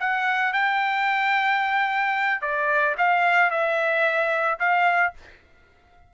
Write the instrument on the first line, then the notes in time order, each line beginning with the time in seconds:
trumpet
0.00 F#5
0.53 G5
2.42 D5
2.98 F5
3.51 E5
4.59 F5